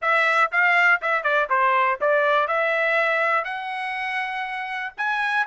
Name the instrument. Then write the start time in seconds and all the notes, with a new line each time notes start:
trumpet
0.01 E5
0.51 F5
1.01 E5
1.23 D5
1.49 C5
2.00 D5
2.47 E5
3.44 F#5
4.97 G#5